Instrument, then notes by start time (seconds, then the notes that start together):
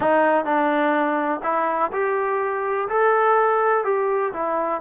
trombone
0.00 D#4
0.44 D4
1.43 E4
1.92 G4
2.88 A4
3.84 G4
4.33 E4